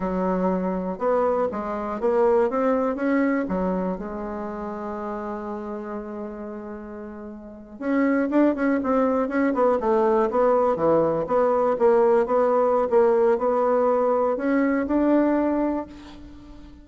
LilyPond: \new Staff \with { instrumentName = "bassoon" } { \time 4/4 \tempo 4 = 121 fis2 b4 gis4 | ais4 c'4 cis'4 fis4 | gis1~ | gis2.~ gis8. cis'16~ |
cis'8. d'8 cis'8 c'4 cis'8 b8 a16~ | a8. b4 e4 b4 ais16~ | ais8. b4~ b16 ais4 b4~ | b4 cis'4 d'2 | }